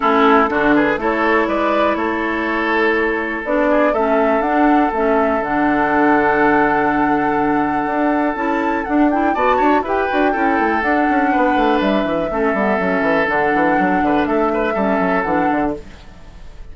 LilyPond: <<
  \new Staff \with { instrumentName = "flute" } { \time 4/4 \tempo 4 = 122 a'4. b'8 cis''4 d''4 | cis''2. d''4 | e''4 fis''4 e''4 fis''4~ | fis''1~ |
fis''4 a''4 fis''8 g''8 a''4 | g''2 fis''2 | e''2. fis''4~ | fis''4 e''2 fis''4 | }
  \new Staff \with { instrumentName = "oboe" } { \time 4/4 e'4 fis'8 gis'8 a'4 b'4 | a'2.~ a'8 gis'8 | a'1~ | a'1~ |
a'2. d''8 cis''8 | b'4 a'2 b'4~ | b'4 a'2.~ | a'8 b'8 a'8 b'8 a'2 | }
  \new Staff \with { instrumentName = "clarinet" } { \time 4/4 cis'4 d'4 e'2~ | e'2. d'4 | cis'4 d'4 cis'4 d'4~ | d'1~ |
d'4 e'4 d'8 e'8 fis'4 | g'8 fis'8 e'4 d'2~ | d'4 cis'8 b8 cis'4 d'4~ | d'2 cis'4 d'4 | }
  \new Staff \with { instrumentName = "bassoon" } { \time 4/4 a4 d4 a4 gis4 | a2. b4 | a4 d'4 a4 d4~ | d1 |
d'4 cis'4 d'4 b8 d'8 | e'8 d'8 cis'8 a8 d'8 cis'8 b8 a8 | g8 e8 a8 g8 fis8 e8 d8 e8 | fis8 d8 a4 g8 fis8 e8 d8 | }
>>